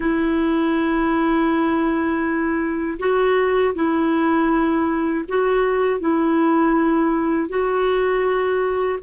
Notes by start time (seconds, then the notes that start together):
0.00 E4
2.99 F#4
3.75 E4
5.28 F#4
6.00 E4
7.49 F#4